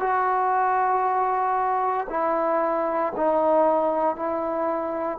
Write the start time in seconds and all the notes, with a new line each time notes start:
0.00 F#4
2.10 E4
3.16 D#4
4.16 E4